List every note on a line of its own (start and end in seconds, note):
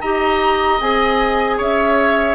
0.00 0.80 D#4
0.00 0.80 G4
0.00 1.57 D#5
0.00 0.79 A#5
0.80 1.59 C4
0.80 2.35 G#4
0.80 1.59 G#5
1.57 2.35 C#4
1.57 2.35 C#5
1.57 2.35 E5